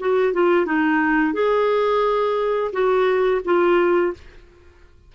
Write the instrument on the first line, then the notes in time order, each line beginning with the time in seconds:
clarinet
0.00 F#4
0.34 F4
0.66 D#4
1.34 G#4
2.73 F#4
3.45 F4